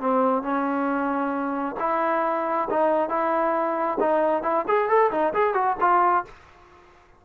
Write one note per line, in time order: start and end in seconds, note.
0.00 0.42 C4
0.42 1.75 C#4
1.79 2.68 E4
2.69 3.09 D#4
3.09 3.98 E4
3.99 4.42 D#4
4.42 4.65 E4
4.67 4.88 G#4
4.88 5.11 A4
5.11 5.33 D#4
5.33 5.54 G#4
5.54 5.76 F#4
5.80 6.24 F4